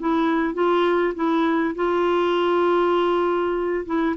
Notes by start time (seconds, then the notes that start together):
0.00 E4
0.54 F4
1.15 E4
1.76 F4
3.86 E4